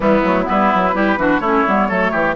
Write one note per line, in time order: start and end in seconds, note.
0.00 0.23 E3
0.00 0.23 G3
0.00 0.45 B3
0.00 0.49 E4
0.23 0.47 F#3
0.23 0.44 A3
0.44 0.91 B3
0.44 0.95 E4
0.44 1.40 B4
0.50 0.73 G3
0.74 0.94 F#3
0.93 1.17 G3
0.93 1.17 E4
0.93 1.18 G4
1.17 1.39 E3
1.17 1.41 D4
1.17 1.41 F#4
1.39 1.63 A3
1.39 1.67 C#4
1.39 1.88 E4
1.39 2.34 C#5
1.67 1.90 G3
1.67 1.89 B3
1.88 2.13 F#3
1.88 2.35 A3
1.88 2.11 A4
2.11 2.35 E3
2.11 2.35 G4